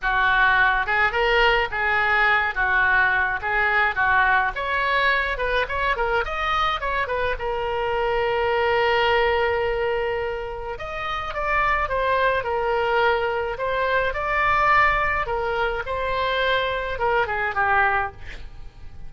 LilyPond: \new Staff \with { instrumentName = "oboe" } { \time 4/4 \tempo 4 = 106 fis'4. gis'8 ais'4 gis'4~ | gis'8 fis'4. gis'4 fis'4 | cis''4. b'8 cis''8 ais'8 dis''4 | cis''8 b'8 ais'2.~ |
ais'2. dis''4 | d''4 c''4 ais'2 | c''4 d''2 ais'4 | c''2 ais'8 gis'8 g'4 | }